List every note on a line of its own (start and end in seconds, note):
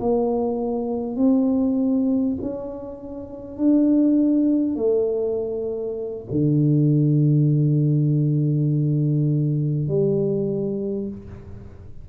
0.00 1.17 A#3
1.17 2.37 C4
2.42 3.58 C#4
3.58 4.76 D4
4.76 6.26 A3
6.32 9.89 D3
9.89 11.09 G3